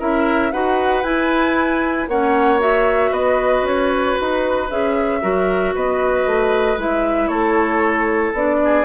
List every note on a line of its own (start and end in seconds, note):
0.00 0.53 C#4
0.00 0.52 E4
0.00 0.52 A#4
0.00 0.52 E5
0.52 1.04 D#4
0.52 1.04 F#4
0.52 2.09 B4
0.52 1.04 F#5
1.04 2.07 E4
1.04 2.08 E4
1.04 2.08 G#5
2.07 3.11 A#3
2.07 2.60 C#4
2.07 3.11 C#5
2.07 2.61 F#5
2.60 4.68 F#4
2.60 3.14 E5
3.11 3.62 B3
3.11 5.20 B4
3.11 3.66 D#5
3.62 4.15 C#4
3.62 4.19 C#5
4.20 4.71 D#4
4.20 4.71 B4
4.70 5.23 C#4
4.70 5.22 G#4
4.70 5.75 E5
5.22 5.75 F#3
5.22 6.78 F#4
5.22 5.75 A#4
5.75 6.26 B3
5.75 7.30 B4
5.75 6.80 D#5
6.26 6.77 A3
6.77 7.29 G#3
6.77 8.34 E4
6.77 7.28 E5
7.28 8.33 A3
7.28 8.60 A4
7.28 8.32 C#5
8.33 8.85 B3
8.33 8.85 D4
8.33 8.85 D5
8.65 8.85 G#4